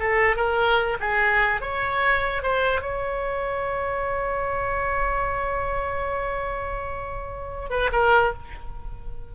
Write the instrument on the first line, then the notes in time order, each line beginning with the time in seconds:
oboe
0.00 A4
0.36 A#4
1.00 G#4
1.61 C#5
2.43 C5
2.82 C#5
7.70 B4
7.92 A#4